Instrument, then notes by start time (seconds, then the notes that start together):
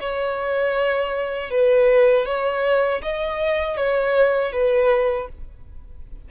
violin
0.00 C#5
1.51 B4
2.25 C#5
3.02 D#5
3.77 C#5
4.52 B4